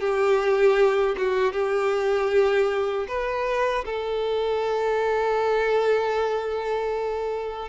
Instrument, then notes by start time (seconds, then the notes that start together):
violin
0.00 G4
1.17 F#4
1.52 G4
3.08 B4
3.85 A4